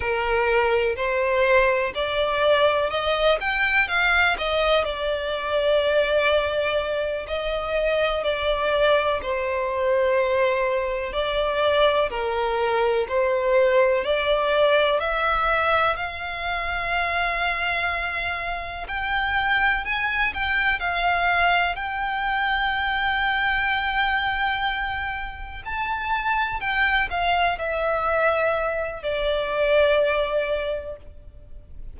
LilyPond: \new Staff \with { instrumentName = "violin" } { \time 4/4 \tempo 4 = 62 ais'4 c''4 d''4 dis''8 g''8 | f''8 dis''8 d''2~ d''8 dis''8~ | dis''8 d''4 c''2 d''8~ | d''8 ais'4 c''4 d''4 e''8~ |
e''8 f''2. g''8~ | g''8 gis''8 g''8 f''4 g''4.~ | g''2~ g''8 a''4 g''8 | f''8 e''4. d''2 | }